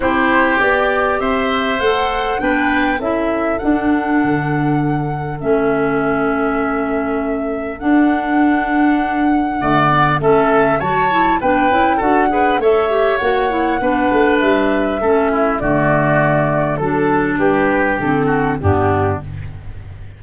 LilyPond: <<
  \new Staff \with { instrumentName = "flute" } { \time 4/4 \tempo 4 = 100 c''4 d''4 e''4 fis''4 | g''4 e''4 fis''2~ | fis''4 e''2.~ | e''4 fis''2.~ |
fis''4 e''4 a''4 g''4 | fis''4 e''4 fis''2 | e''2 d''2 | a'4 b'4 a'4 g'4 | }
  \new Staff \with { instrumentName = "oboe" } { \time 4/4 g'2 c''2 | b'4 a'2.~ | a'1~ | a'1 |
d''4 a'4 cis''4 b'4 | a'8 b'8 cis''2 b'4~ | b'4 a'8 e'8 fis'2 | a'4 g'4. fis'8 d'4 | }
  \new Staff \with { instrumentName = "clarinet" } { \time 4/4 e'4 g'2 a'4 | d'4 e'4 d'2~ | d'4 cis'2.~ | cis'4 d'2. |
a8 b8 cis'4 fis'8 e'8 d'8 e'8 | fis'8 gis'8 a'8 g'8 fis'8 e'8 d'4~ | d'4 cis'4 a2 | d'2 c'4 b4 | }
  \new Staff \with { instrumentName = "tuba" } { \time 4/4 c'4 b4 c'4 a4 | b4 cis'4 d'4 d4~ | d4 a2.~ | a4 d'2. |
d4 a4 fis4 b8 cis'8 | d'4 a4 ais4 b8 a8 | g4 a4 d2 | fis4 g4 d4 g,4 | }
>>